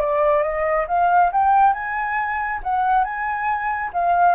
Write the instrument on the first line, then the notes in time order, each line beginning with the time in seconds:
flute
0.00 D5
0.43 D#5
0.88 F5
1.32 G5
1.73 G#5
2.63 F#5
3.04 G#5
3.93 F5